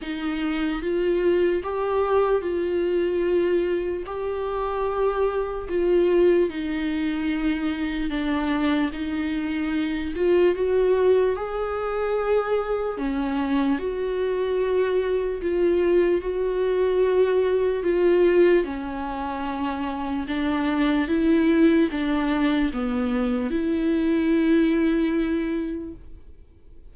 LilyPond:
\new Staff \with { instrumentName = "viola" } { \time 4/4 \tempo 4 = 74 dis'4 f'4 g'4 f'4~ | f'4 g'2 f'4 | dis'2 d'4 dis'4~ | dis'8 f'8 fis'4 gis'2 |
cis'4 fis'2 f'4 | fis'2 f'4 cis'4~ | cis'4 d'4 e'4 d'4 | b4 e'2. | }